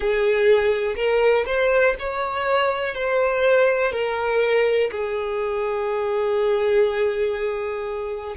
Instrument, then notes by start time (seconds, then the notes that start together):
violin
0.00 G#4
0.96 A#4
1.46 C5
1.99 C#5
2.94 C5
3.92 A#4
4.91 G#4